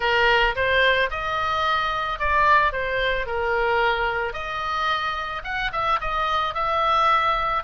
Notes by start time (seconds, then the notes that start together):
0.00 A#4
0.55 C5
1.10 D#5
2.19 D5
2.72 C5
3.26 A#4
4.33 D#5
5.43 F#5
5.72 E5
6.00 D#5
6.54 E5